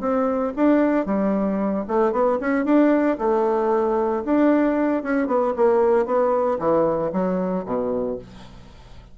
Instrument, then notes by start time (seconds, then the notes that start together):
bassoon
0.00 C4
0.56 D4
1.05 G3
1.87 A3
2.12 B3
2.40 C#4
2.65 D4
3.18 A3
4.25 D4
5.02 C#4
5.27 B3
5.56 A#3
6.05 B3
6.58 E3
7.12 F#3
7.65 B2